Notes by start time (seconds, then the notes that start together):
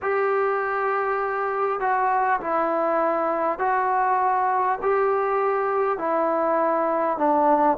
0.02 G4
1.79 F#4
2.40 E4
3.58 F#4
4.82 G4
5.98 E4
7.17 D4